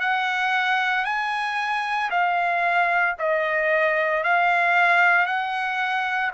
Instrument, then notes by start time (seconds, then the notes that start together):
trumpet
0.00 F#5
1.05 G#5
2.10 F5
3.19 D#5
4.23 F5
5.26 F#5